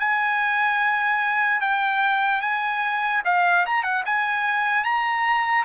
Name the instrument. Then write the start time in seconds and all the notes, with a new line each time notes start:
trumpet
0.00 G#5
1.61 G5
2.42 G#5
3.25 F5
3.66 A#5
3.84 F#5
4.06 G#5
4.84 A#5